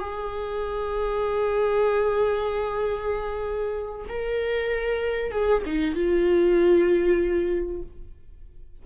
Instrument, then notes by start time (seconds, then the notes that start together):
viola
0.00 G#4
4.09 A#4
5.32 G#4
5.66 D#4
5.95 F4